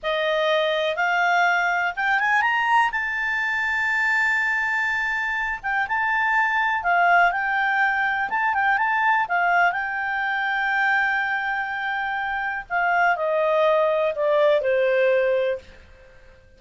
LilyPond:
\new Staff \with { instrumentName = "clarinet" } { \time 4/4 \tempo 4 = 123 dis''2 f''2 | g''8 gis''8 ais''4 a''2~ | a''2.~ a''8 g''8 | a''2 f''4 g''4~ |
g''4 a''8 g''8 a''4 f''4 | g''1~ | g''2 f''4 dis''4~ | dis''4 d''4 c''2 | }